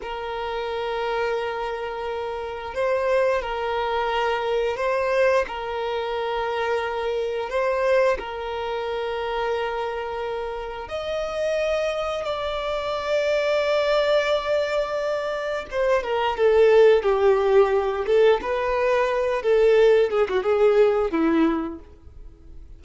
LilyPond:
\new Staff \with { instrumentName = "violin" } { \time 4/4 \tempo 4 = 88 ais'1 | c''4 ais'2 c''4 | ais'2. c''4 | ais'1 |
dis''2 d''2~ | d''2. c''8 ais'8 | a'4 g'4. a'8 b'4~ | b'8 a'4 gis'16 fis'16 gis'4 e'4 | }